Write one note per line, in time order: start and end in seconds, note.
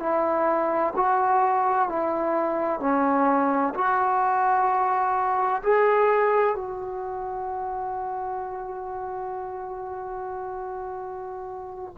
0.00 0.94 E4
0.96 1.89 F#4
1.89 2.80 E4
2.80 3.74 C#4
3.75 5.62 F#4
5.63 6.55 G#4
6.55 11.94 F#4